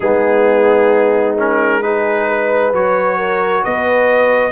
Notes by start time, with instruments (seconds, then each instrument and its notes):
0.00 tuba G#3, trombone B3, horn D#4, trumpet G#4
1.38 trombone C#4, trumpet A#4
1.82 trombone D#4, horn G#4, trumpet B4
2.28 horn B4
2.71 tuba F#3, trombone F#4, trumpet C#5
3.17 horn A#4
3.63 tuba B3, horn B4, trumpet D#5